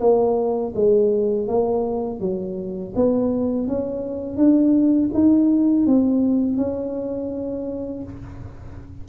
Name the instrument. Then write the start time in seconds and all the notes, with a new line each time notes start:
tuba
0.00 A#3
0.75 G#3
1.48 A#3
2.20 F#3
2.96 B3
3.68 C#4
4.37 D4
5.14 D#4
5.86 C4
6.57 C#4